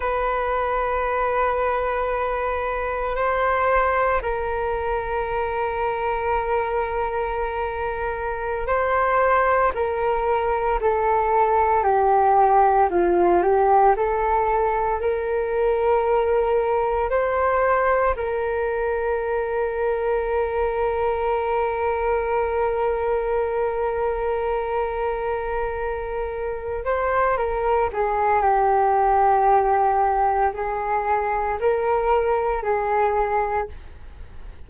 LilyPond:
\new Staff \with { instrumentName = "flute" } { \time 4/4 \tempo 4 = 57 b'2. c''4 | ais'1~ | ais'16 c''4 ais'4 a'4 g'8.~ | g'16 f'8 g'8 a'4 ais'4.~ ais'16~ |
ais'16 c''4 ais'2~ ais'8.~ | ais'1~ | ais'4. c''8 ais'8 gis'8 g'4~ | g'4 gis'4 ais'4 gis'4 | }